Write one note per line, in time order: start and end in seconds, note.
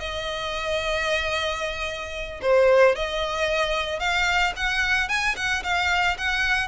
0.00 2.41 D#5
2.42 2.96 C5
2.96 4.00 D#5
4.00 4.54 F5
4.57 5.09 F#5
5.09 5.36 G#5
5.36 5.63 F#5
5.64 6.18 F5
6.18 6.69 F#5